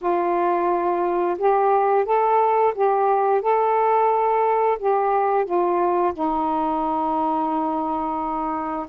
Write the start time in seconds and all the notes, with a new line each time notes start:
0.01 F4
1.38 G4
2.05 A4
2.75 G4
3.41 A4
4.79 G4
5.45 F4
6.13 D#4